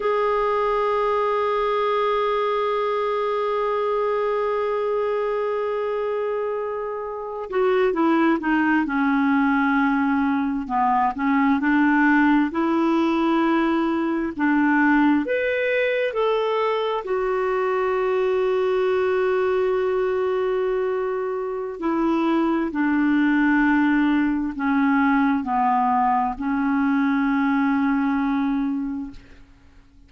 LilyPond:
\new Staff \with { instrumentName = "clarinet" } { \time 4/4 \tempo 4 = 66 gis'1~ | gis'1~ | gis'16 fis'8 e'8 dis'8 cis'2 b16~ | b16 cis'8 d'4 e'2 d'16~ |
d'8. b'4 a'4 fis'4~ fis'16~ | fis'1 | e'4 d'2 cis'4 | b4 cis'2. | }